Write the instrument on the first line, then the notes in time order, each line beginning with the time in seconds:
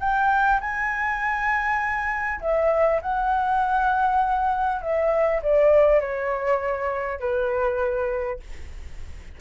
flute
0.00 G5
0.60 G#5
2.41 E5
3.02 F#5
4.81 E5
5.42 D5
6.00 C#5
7.20 B4